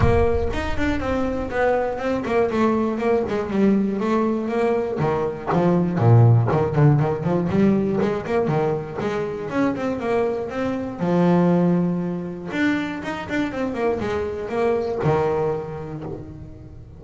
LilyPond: \new Staff \with { instrumentName = "double bass" } { \time 4/4 \tempo 4 = 120 ais4 dis'8 d'8 c'4 b4 | c'8 ais8 a4 ais8 gis8 g4 | a4 ais4 dis4 f4 | ais,4 dis8 d8 dis8 f8 g4 |
gis8 ais8 dis4 gis4 cis'8 c'8 | ais4 c'4 f2~ | f4 d'4 dis'8 d'8 c'8 ais8 | gis4 ais4 dis2 | }